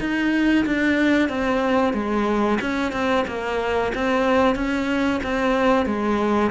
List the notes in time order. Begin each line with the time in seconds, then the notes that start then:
0.00 D#4
0.66 D4
1.29 C4
1.94 G#3
2.61 C#4
2.92 C4
3.27 A#3
3.95 C4
4.55 C#4
5.24 C4
5.86 G#3